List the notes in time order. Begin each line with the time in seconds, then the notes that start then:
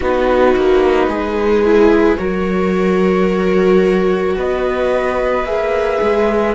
0.00 B3 D#4 F#4 B4
0.56 A#3
1.07 G#3 G#4
1.65 E4
2.17 F#3 F#4 A#4 C#5
4.35 B3 B4 D#5
5.43 A#3 G#4 E5
6.01 G#3